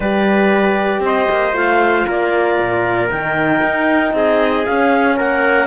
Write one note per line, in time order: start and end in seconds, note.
0.00 0.99 G3
0.00 1.53 G4
0.00 1.03 B4
0.00 1.03 D5
0.99 1.25 C4
0.99 2.06 C5
0.99 1.56 D#5
1.29 1.53 A#3
1.53 2.05 A3
1.53 3.09 F4
1.53 2.08 F5
2.06 2.58 A#3
2.06 4.13 A#4
2.06 3.10 D5
2.58 3.10 A#2
3.10 3.62 D#3
3.10 4.66 D#4
3.10 4.13 G5
3.63 4.13 D#4
4.13 4.64 C4
4.13 5.16 G#4
4.13 4.65 D#5
4.65 5.67 C#4
4.65 5.20 C#4
4.65 5.17 F5
5.16 5.67 A#3
5.16 5.67 A#4
5.16 5.67 F#5